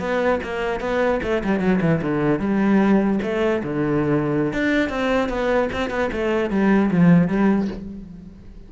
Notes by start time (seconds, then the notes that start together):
0.00 B3
0.44 A#3
0.81 B3
1.23 A3
1.44 G3
1.60 F#3
1.82 E3
2.02 D3
2.40 G3
3.23 A3
3.64 D3
4.54 D4
4.90 C4
5.29 B3
5.73 C4
5.91 B3
6.13 A3
6.51 G3
6.92 F3
7.28 G3